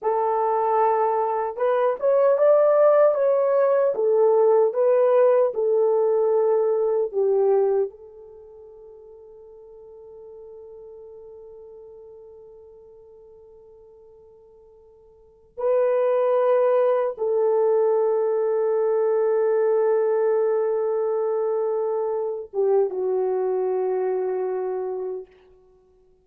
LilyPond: \new Staff \with { instrumentName = "horn" } { \time 4/4 \tempo 4 = 76 a'2 b'8 cis''8 d''4 | cis''4 a'4 b'4 a'4~ | a'4 g'4 a'2~ | a'1~ |
a'2.~ a'8. b'16~ | b'4.~ b'16 a'2~ a'16~ | a'1~ | a'8 g'8 fis'2. | }